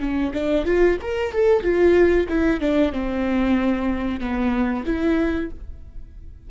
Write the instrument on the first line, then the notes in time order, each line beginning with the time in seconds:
viola
0.00 C#4
0.34 D4
0.66 F4
1.02 A#4
1.33 A4
1.63 F4
2.29 E4
2.61 D4
2.93 C4
4.20 B3
4.86 E4